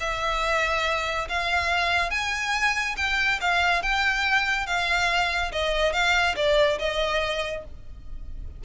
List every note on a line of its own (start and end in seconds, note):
0.00 1.28 E5
1.28 2.10 F5
2.10 2.95 G#5
2.97 3.39 G5
3.41 3.82 F5
3.82 4.66 G5
4.66 5.51 F5
5.52 5.93 D#5
5.93 6.35 F5
6.36 6.78 D5
6.79 7.64 D#5